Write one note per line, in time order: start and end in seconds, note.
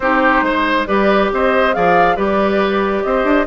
0.00 0.42 C4
0.00 0.86 D#4
0.00 0.44 G4
0.00 0.85 C5
0.42 0.85 G#3
0.42 0.87 C5
0.86 1.31 G3
0.86 1.72 G4
0.86 1.31 B4
0.86 1.29 D5
1.32 1.75 C4
1.32 1.75 C5
1.32 1.73 D#5
1.72 2.17 F3
1.72 2.16 G#4
1.72 2.16 D5
1.72 2.16 F5
2.16 3.04 G3
2.16 3.46 G4
2.16 3.03 B4
2.16 3.03 D5
3.03 3.24 C4
3.03 3.46 C5
3.03 3.46 D#5
3.24 3.45 D4